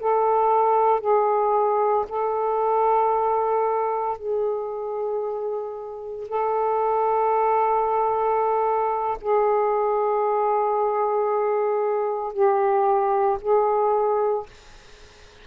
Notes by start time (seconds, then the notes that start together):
0.00 A4
1.00 G#4
2.09 A4
4.18 G#4
6.28 A4
9.21 G#4
12.33 G4
13.41 G#4